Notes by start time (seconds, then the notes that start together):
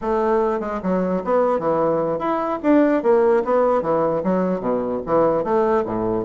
0.01 A3
0.60 G#3
0.82 F#3
1.24 B3
1.59 E3
2.18 E4
2.62 D4
3.03 A#3
3.44 B3
3.82 E3
4.23 F#3
4.60 B2
5.05 E3
5.43 A3
5.85 A2